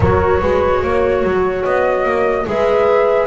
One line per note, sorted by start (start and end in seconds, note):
0.00 0.41 F#3
0.00 2.46 F#4
0.00 0.40 A#4
0.00 1.64 C#5
0.40 0.82 G#3
0.40 0.81 B4
0.82 1.23 A#3
0.82 2.47 C#5
1.23 1.64 F#3
1.64 2.04 B3
1.64 2.46 D#5
2.04 2.45 A#3
2.46 3.26 G#3
2.46 3.26 G#4
2.46 3.26 B4
2.46 3.26 E5